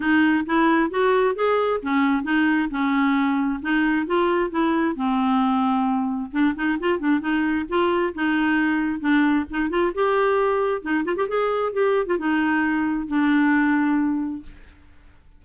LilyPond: \new Staff \with { instrumentName = "clarinet" } { \time 4/4 \tempo 4 = 133 dis'4 e'4 fis'4 gis'4 | cis'4 dis'4 cis'2 | dis'4 f'4 e'4 c'4~ | c'2 d'8 dis'8 f'8 d'8 |
dis'4 f'4 dis'2 | d'4 dis'8 f'8 g'2 | dis'8 f'16 g'16 gis'4 g'8. f'16 dis'4~ | dis'4 d'2. | }